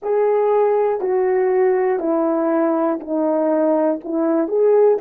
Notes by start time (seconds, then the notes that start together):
0.02 G#4
1.00 F#4
1.99 E4
3.00 D#4
4.04 E4
4.47 G#4